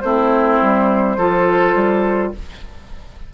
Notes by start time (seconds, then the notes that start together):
0.00 A3 C4 E4 C5
0.61 G3
1.17 F3 F4 A4
1.74 G3